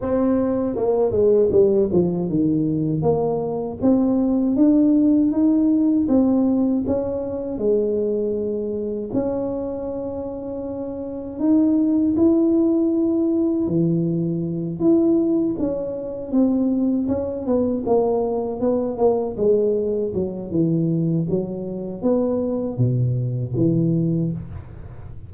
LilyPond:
\new Staff \with { instrumentName = "tuba" } { \time 4/4 \tempo 4 = 79 c'4 ais8 gis8 g8 f8 dis4 | ais4 c'4 d'4 dis'4 | c'4 cis'4 gis2 | cis'2. dis'4 |
e'2 e4. e'8~ | e'8 cis'4 c'4 cis'8 b8 ais8~ | ais8 b8 ais8 gis4 fis8 e4 | fis4 b4 b,4 e4 | }